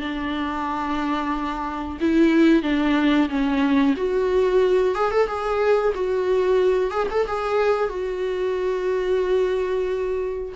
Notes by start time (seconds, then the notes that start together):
0.00 D4
2.00 E4
2.63 D4
3.29 C#4
3.97 F#4
4.95 G#4
5.11 A4
5.27 G#4
5.95 F#4
6.91 G#4
7.10 A4
7.27 G#4
7.89 F#4